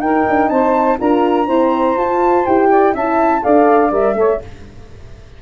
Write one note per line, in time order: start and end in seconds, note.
0.00 0.24 D#4
0.00 0.98 D#4
0.00 0.50 A#4
0.00 0.49 G5
0.29 0.51 D4
0.49 0.99 C4
0.49 0.98 C5
0.49 0.98 A5
0.98 1.48 D4
0.98 1.47 F4
0.98 1.47 A#4
0.98 1.98 A#5
1.47 1.97 C4
1.47 1.97 E4
1.47 2.69 C5
1.97 2.46 F4
1.97 2.46 A5
2.46 2.95 E4
2.46 2.95 G4
2.46 2.95 G5
2.70 2.93 D5
2.93 3.43 C#4
2.93 3.43 E4
2.93 3.42 E5
2.93 3.43 A5
3.43 3.91 D4
3.43 3.91 A4
3.43 4.16 D5
3.43 3.92 F5
3.91 4.14 G3
3.91 4.16 A#4
3.91 4.42 E5
4.14 4.39 A3
4.14 4.41 A4
4.14 4.42 C#5